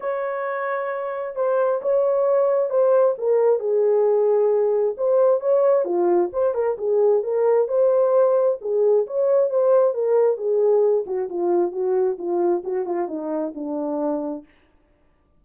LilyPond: \new Staff \with { instrumentName = "horn" } { \time 4/4 \tempo 4 = 133 cis''2. c''4 | cis''2 c''4 ais'4 | gis'2. c''4 | cis''4 f'4 c''8 ais'8 gis'4 |
ais'4 c''2 gis'4 | cis''4 c''4 ais'4 gis'4~ | gis'8 fis'8 f'4 fis'4 f'4 | fis'8 f'8 dis'4 d'2 | }